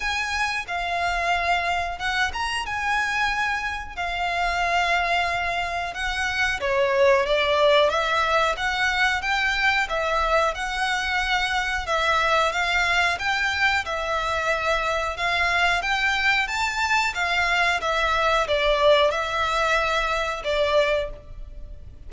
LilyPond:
\new Staff \with { instrumentName = "violin" } { \time 4/4 \tempo 4 = 91 gis''4 f''2 fis''8 ais''8 | gis''2 f''2~ | f''4 fis''4 cis''4 d''4 | e''4 fis''4 g''4 e''4 |
fis''2 e''4 f''4 | g''4 e''2 f''4 | g''4 a''4 f''4 e''4 | d''4 e''2 d''4 | }